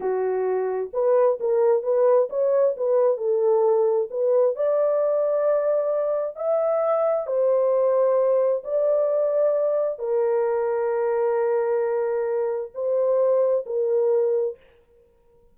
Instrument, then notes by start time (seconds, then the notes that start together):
horn
0.00 F#4
0.93 B4
1.40 A#4
1.83 B4
2.29 C#5
2.76 B4
3.17 A4
4.10 B4
4.55 D5
6.36 E5
7.26 C5
8.64 D5
9.99 A#4
12.74 C5
13.66 A#4